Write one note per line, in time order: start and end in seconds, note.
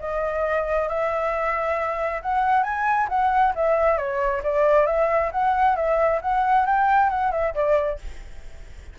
0.00 0.89 D#5
0.89 2.22 E5
2.22 2.64 F#5
2.64 3.08 G#5
3.09 3.54 F#5
3.55 3.98 E5
3.98 4.42 C#5
4.43 4.87 D5
4.87 5.31 E5
5.32 5.76 F#5
5.76 6.21 E5
6.22 6.66 F#5
6.66 7.10 G5
7.10 7.32 F#5
7.32 7.54 E5
7.55 7.99 D5